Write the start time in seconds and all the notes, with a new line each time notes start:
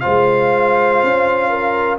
0.00 F4 C5 F5
0.06 G#3
1.03 C#4
1.50 A#4